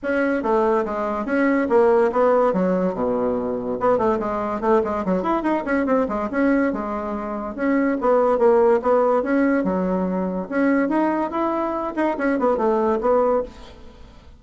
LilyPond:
\new Staff \with { instrumentName = "bassoon" } { \time 4/4 \tempo 4 = 143 cis'4 a4 gis4 cis'4 | ais4 b4 fis4 b,4~ | b,4 b8 a8 gis4 a8 gis8 | fis8 e'8 dis'8 cis'8 c'8 gis8 cis'4 |
gis2 cis'4 b4 | ais4 b4 cis'4 fis4~ | fis4 cis'4 dis'4 e'4~ | e'8 dis'8 cis'8 b8 a4 b4 | }